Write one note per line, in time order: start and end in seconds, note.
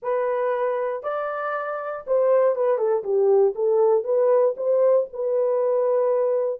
0.02 1.03 B4
1.03 2.05 D5
2.06 2.55 C5
2.55 2.78 B4
2.78 3.03 A4
3.03 3.54 G4
3.55 4.04 A4
4.04 4.55 B4
4.56 5.07 C5
5.12 6.60 B4